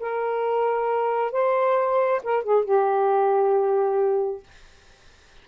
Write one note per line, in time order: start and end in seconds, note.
0.00 1.32 A#4
1.32 2.22 C5
2.24 2.44 A#4
2.44 2.65 G#4
2.65 4.44 G4